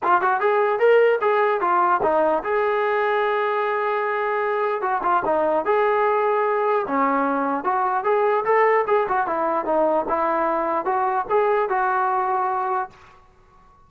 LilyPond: \new Staff \with { instrumentName = "trombone" } { \time 4/4 \tempo 4 = 149 f'8 fis'8 gis'4 ais'4 gis'4 | f'4 dis'4 gis'2~ | gis'1 | fis'8 f'8 dis'4 gis'2~ |
gis'4 cis'2 fis'4 | gis'4 a'4 gis'8 fis'8 e'4 | dis'4 e'2 fis'4 | gis'4 fis'2. | }